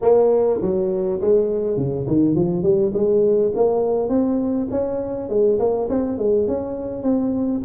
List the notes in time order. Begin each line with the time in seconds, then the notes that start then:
0.01 A#3
0.61 F#3
1.21 G#3
1.76 C#3
2.07 D#3
2.35 F3
2.62 G3
2.93 G#3
3.55 A#3
4.08 C4
4.70 C#4
5.29 G#3
5.59 A#3
5.89 C4
6.18 G#3
6.47 C#4
7.02 C4